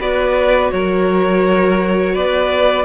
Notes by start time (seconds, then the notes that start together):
0.00 B3 F#4 B4 D5
0.72 F#3 A#4 C#5
2.13 B3 B4 D5